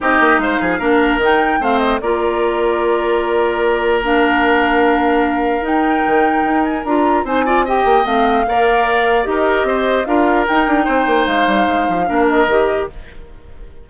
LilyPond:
<<
  \new Staff \with { instrumentName = "flute" } { \time 4/4 \tempo 4 = 149 dis''4 f''2 g''4 | f''8 dis''8 d''2.~ | d''2 f''2~ | f''2 g''2~ |
g''8 gis''8 ais''4 gis''4 g''4 | f''2. dis''4~ | dis''4 f''4 g''2 | f''2~ f''8 dis''4. | }
  \new Staff \with { instrumentName = "oboe" } { \time 4/4 g'4 c''8 gis'8 ais'2 | c''4 ais'2.~ | ais'1~ | ais'1~ |
ais'2 c''8 d''8 dis''4~ | dis''4 d''2 ais'4 | c''4 ais'2 c''4~ | c''2 ais'2 | }
  \new Staff \with { instrumentName = "clarinet" } { \time 4/4 dis'2 d'4 dis'4 | c'4 f'2.~ | f'2 d'2~ | d'2 dis'2~ |
dis'4 f'4 dis'8 f'8 g'4 | c'4 ais'2 g'4~ | g'4 f'4 dis'2~ | dis'2 d'4 g'4 | }
  \new Staff \with { instrumentName = "bassoon" } { \time 4/4 c'8 ais8 gis8 f8 ais4 dis4 | a4 ais2.~ | ais1~ | ais2 dis'4 dis4 |
dis'4 d'4 c'4. ais8 | a4 ais2 dis'4 | c'4 d'4 dis'8 d'8 c'8 ais8 | gis8 g8 gis8 f8 ais4 dis4 | }
>>